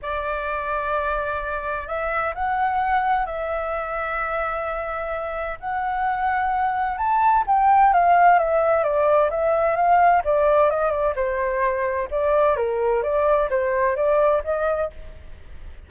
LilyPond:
\new Staff \with { instrumentName = "flute" } { \time 4/4 \tempo 4 = 129 d''1 | e''4 fis''2 e''4~ | e''1 | fis''2. a''4 |
g''4 f''4 e''4 d''4 | e''4 f''4 d''4 dis''8 d''8 | c''2 d''4 ais'4 | d''4 c''4 d''4 dis''4 | }